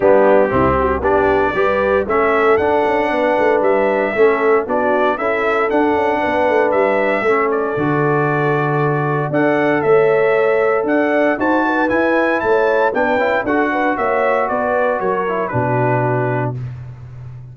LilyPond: <<
  \new Staff \with { instrumentName = "trumpet" } { \time 4/4 \tempo 4 = 116 g'2 d''2 | e''4 fis''2 e''4~ | e''4 d''4 e''4 fis''4~ | fis''4 e''4. d''4.~ |
d''2 fis''4 e''4~ | e''4 fis''4 a''4 gis''4 | a''4 g''4 fis''4 e''4 | d''4 cis''4 b'2 | }
  \new Staff \with { instrumentName = "horn" } { \time 4/4 d'4 e'8 fis'8 g'4 b'4 | a'2 b'2 | a'4 fis'4 a'2 | b'2 a'2~ |
a'2 d''4 cis''4~ | cis''4 d''4 c''8 b'4. | cis''4 b'4 a'8 b'8 cis''4 | b'4 ais'4 fis'2 | }
  \new Staff \with { instrumentName = "trombone" } { \time 4/4 b4 c'4 d'4 g'4 | cis'4 d'2. | cis'4 d'4 e'4 d'4~ | d'2 cis'4 fis'4~ |
fis'2 a'2~ | a'2 fis'4 e'4~ | e'4 d'8 e'8 fis'2~ | fis'4. e'8 d'2 | }
  \new Staff \with { instrumentName = "tuba" } { \time 4/4 g4 c,4 b4 g4 | a4 d'8 cis'8 b8 a8 g4 | a4 b4 cis'4 d'8 cis'8 | b8 a8 g4 a4 d4~ |
d2 d'4 a4~ | a4 d'4 dis'4 e'4 | a4 b8 cis'8 d'4 ais4 | b4 fis4 b,2 | }
>>